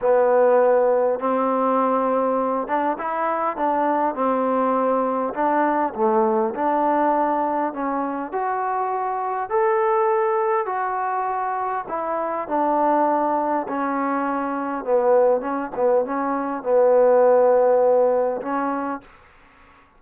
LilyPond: \new Staff \with { instrumentName = "trombone" } { \time 4/4 \tempo 4 = 101 b2 c'2~ | c'8 d'8 e'4 d'4 c'4~ | c'4 d'4 a4 d'4~ | d'4 cis'4 fis'2 |
a'2 fis'2 | e'4 d'2 cis'4~ | cis'4 b4 cis'8 b8 cis'4 | b2. cis'4 | }